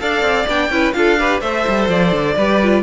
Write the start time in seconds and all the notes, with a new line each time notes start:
0.00 D4 A4 D5 F5
0.22 C4
0.48 B3 D4 G5
0.71 C#4 E4 B4
0.93 D4 F4 A4 F5
1.19 G4 B4
1.41 A3 A4 C5 E5
1.68 G3
1.89 F3 D5
2.13 D3
2.36 G3 G4 B4
2.63 F4